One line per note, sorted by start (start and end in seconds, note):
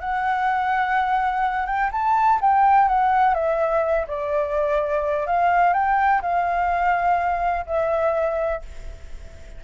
0.00 1.66 F#5
1.66 1.90 G5
1.92 2.40 A5
2.41 2.88 G5
2.88 3.34 F#5
3.34 4.06 E5
4.07 5.26 D5
5.26 5.73 F5
5.73 6.21 G5
6.21 7.65 F5
7.66 8.62 E5